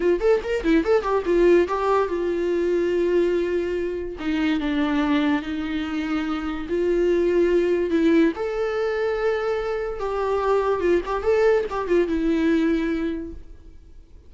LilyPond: \new Staff \with { instrumentName = "viola" } { \time 4/4 \tempo 4 = 144 f'8 a'8 ais'8 e'8 a'8 g'8 f'4 | g'4 f'2.~ | f'2 dis'4 d'4~ | d'4 dis'2. |
f'2. e'4 | a'1 | g'2 f'8 g'8 a'4 | g'8 f'8 e'2. | }